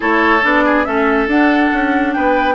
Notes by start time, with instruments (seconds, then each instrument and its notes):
0.00 bassoon A3, clarinet E4, oboe A4, flute C#5
0.42 bassoon B3, clarinet D4, flute D5
0.65 oboe G#4
0.84 bassoon A3, clarinet C#4, oboe A4, flute E5
1.27 bassoon D4, clarinet D4, flute F#5
1.73 bassoon C#4
2.13 bassoon B3, oboe B4, flute G5